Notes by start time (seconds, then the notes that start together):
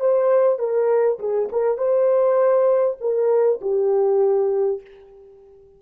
0.00 C5
0.59 A#4
1.19 G#4
1.52 A#4
1.77 C5
3.00 A#4
3.61 G4